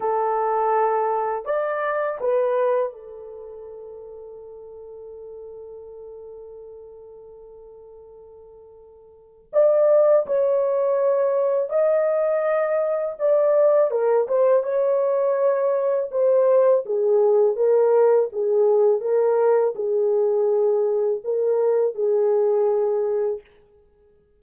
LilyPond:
\new Staff \with { instrumentName = "horn" } { \time 4/4 \tempo 4 = 82 a'2 d''4 b'4 | a'1~ | a'1~ | a'4 d''4 cis''2 |
dis''2 d''4 ais'8 c''8 | cis''2 c''4 gis'4 | ais'4 gis'4 ais'4 gis'4~ | gis'4 ais'4 gis'2 | }